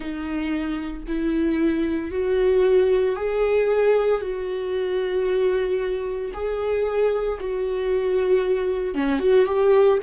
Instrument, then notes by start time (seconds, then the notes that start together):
viola
0.00 D#4
1.07 E4
2.11 F#4
3.16 G#4
4.21 F#4
6.33 G#4
7.40 F#4
8.94 C#4
9.19 F#4
9.45 G4